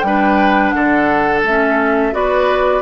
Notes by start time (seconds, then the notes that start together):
0.00 G3 D4 G5
0.06 B4
0.70 D3 A4 F#5
1.43 A3 C#4 E5
2.12 B3 F#4 B4 D5